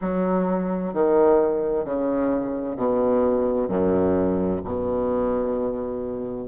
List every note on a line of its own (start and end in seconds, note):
0.01 0.93 F#3
0.93 1.85 D#3
1.85 2.76 C#3
2.76 3.68 B2
3.68 4.60 F#2
4.64 6.47 B2